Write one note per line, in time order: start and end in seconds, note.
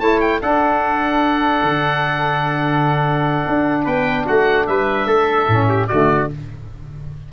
0.00 0.41 A3
0.00 0.41 E4
0.00 0.41 C#5
0.00 0.20 A5
0.20 0.41 G5
0.41 5.48 D4
0.41 1.63 D4
0.41 3.84 A4
0.41 3.86 F#5
1.63 3.45 D3
3.47 3.86 D4
3.84 4.26 B3
3.84 4.25 B4
3.84 4.27 G5
4.26 4.68 A3
4.26 4.66 F#4
4.26 4.67 F#5
4.67 5.06 G3
4.67 5.07 B4
4.67 5.88 E5
5.06 5.47 A3
5.06 5.68 A4
5.48 5.88 A2
5.48 5.89 C#4
5.69 5.89 G4
5.88 6.32 D3
5.88 6.30 A3
5.88 6.30 F#4
5.88 6.28 D5